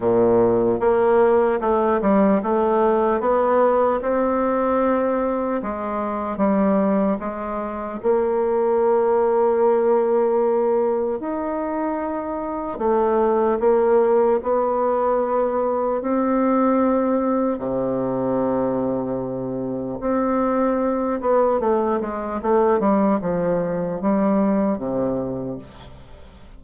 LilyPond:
\new Staff \with { instrumentName = "bassoon" } { \time 4/4 \tempo 4 = 75 ais,4 ais4 a8 g8 a4 | b4 c'2 gis4 | g4 gis4 ais2~ | ais2 dis'2 |
a4 ais4 b2 | c'2 c2~ | c4 c'4. b8 a8 gis8 | a8 g8 f4 g4 c4 | }